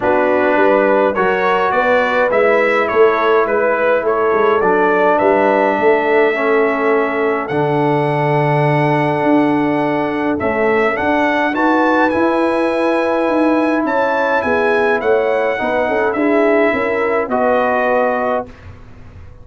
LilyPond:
<<
  \new Staff \with { instrumentName = "trumpet" } { \time 4/4 \tempo 4 = 104 b'2 cis''4 d''4 | e''4 cis''4 b'4 cis''4 | d''4 e''2.~ | e''4 fis''2.~ |
fis''2 e''4 fis''4 | a''4 gis''2. | a''4 gis''4 fis''2 | e''2 dis''2 | }
  \new Staff \with { instrumentName = "horn" } { \time 4/4 fis'4 b'4 ais'4 b'4~ | b'4 a'4 b'4 a'4~ | a'4 b'4 a'2~ | a'1~ |
a'1 | b'1 | cis''4 gis'4 cis''4 b'8 a'8 | gis'4 ais'4 b'2 | }
  \new Staff \with { instrumentName = "trombone" } { \time 4/4 d'2 fis'2 | e'1 | d'2. cis'4~ | cis'4 d'2.~ |
d'2 a4 d'4 | fis'4 e'2.~ | e'2. dis'4 | e'2 fis'2 | }
  \new Staff \with { instrumentName = "tuba" } { \time 4/4 b4 g4 fis4 b4 | gis4 a4 gis4 a8 gis8 | fis4 g4 a2~ | a4 d2. |
d'2 cis'4 d'4 | dis'4 e'2 dis'4 | cis'4 b4 a4 b8 cis'8 | d'4 cis'4 b2 | }
>>